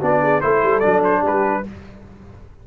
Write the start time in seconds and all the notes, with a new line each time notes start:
0.00 B3 D4 F#4 D5
0.21 G#4
0.41 A3 E4 A4 C5
0.63 G3
0.79 F#3 D4 D5
1.04 C5
1.22 G3 G4 B4